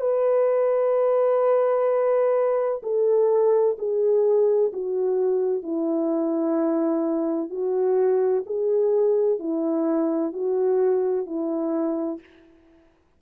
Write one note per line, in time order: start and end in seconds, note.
0.00 2.81 B4
2.83 3.76 A4
3.78 4.72 G#4
4.73 5.62 F#4
5.62 7.50 E4
7.50 8.43 F#4
8.46 9.39 G#4
9.39 10.33 E4
10.33 11.25 F#4
11.25 12.19 E4